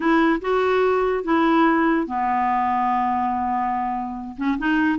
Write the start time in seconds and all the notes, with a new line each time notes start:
0.00 E4
0.41 F#4
1.23 E4
2.06 B3
4.37 C#4
4.58 D#4